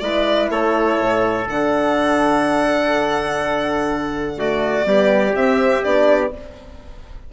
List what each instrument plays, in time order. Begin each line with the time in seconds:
0.00 bassoon G#3, horn E4, trumpet B4, violin D5
0.50 bassoon A3, trumpet A4, violin C#5
1.00 bassoon A2
1.48 bassoon D3, horn D4, violin F#5
4.37 horn A3, trumpet F#4, violin D5
4.85 bassoon G3, horn B3, trumpet G4
5.35 bassoon C4, horn C4, violin E5
5.84 bassoon B3, horn D4, violin D5